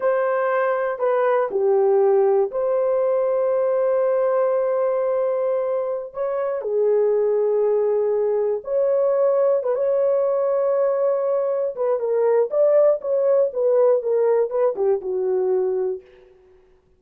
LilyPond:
\new Staff \with { instrumentName = "horn" } { \time 4/4 \tempo 4 = 120 c''2 b'4 g'4~ | g'4 c''2.~ | c''1~ | c''16 cis''4 gis'2~ gis'8.~ |
gis'4~ gis'16 cis''2 b'16 cis''8~ | cis''2.~ cis''8 b'8 | ais'4 d''4 cis''4 b'4 | ais'4 b'8 g'8 fis'2 | }